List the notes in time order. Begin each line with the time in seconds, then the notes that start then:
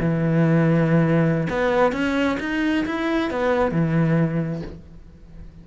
0.00 E3
1.50 B3
1.93 C#4
2.40 D#4
2.86 E4
3.31 B3
3.72 E3